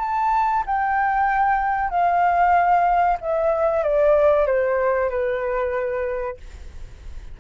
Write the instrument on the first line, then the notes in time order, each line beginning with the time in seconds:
flute
0.00 A5
0.66 G5
1.90 F5
3.21 E5
3.83 D5
4.47 C5
5.10 B4